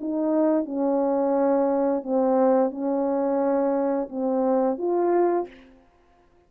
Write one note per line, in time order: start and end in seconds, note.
0.00 0.65 D#4
0.65 2.03 C#4
2.03 2.71 C4
2.71 4.08 C#4
4.09 4.78 C4
4.78 5.47 F4